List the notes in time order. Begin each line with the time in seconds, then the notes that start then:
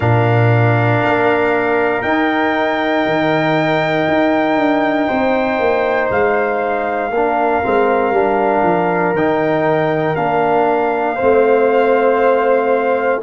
0.00 A#2 D4 A#4 F5
1.03 A#3
2.02 D#4 G5
3.05 D#3
4.08 D#4
4.57 D4
5.07 C4 C5
5.59 A#3
6.10 G#3 F5
7.10 A#3 D4 A#4
7.62 G#3 C4
8.10 G3 D4
8.63 F3
9.13 D#3 D#4 G5
10.15 A#3 D4 F5
11.15 C4 C5
11.21 A3